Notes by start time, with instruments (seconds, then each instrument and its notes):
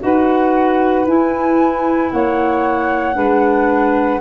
0.00 tuba D#4, clarinet F#4, saxophone B4, flute F#5
1.06 tuba E4, clarinet E4, flute G#5
2.11 tuba A#3, saxophone C#5, flute F#5
3.14 tuba G#3, clarinet D4, saxophone B4